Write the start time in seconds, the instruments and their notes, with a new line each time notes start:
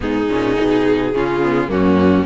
0.00 cello G#2, viola B3, violin D#4 G#4
0.29 cello A#2, viola C#4
0.56 cello B2, viola D#4
1.13 cello C#3, viola C#4, violin F4
1.42 viola B3
1.68 cello F#2, viola A#3, violin C#4 F#4